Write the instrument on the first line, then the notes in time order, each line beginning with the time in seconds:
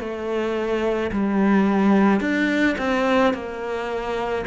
cello
0.00 A3
1.12 G3
2.21 D4
2.78 C4
3.34 A#3